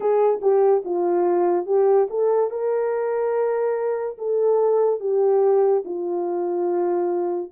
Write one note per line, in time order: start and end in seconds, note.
0.00 0.40 G#4
0.41 0.83 G4
0.84 1.66 F4
1.66 2.07 G4
2.09 2.50 A4
2.50 4.17 A#4
4.17 5.00 A4
5.00 5.83 G4
5.84 7.51 F4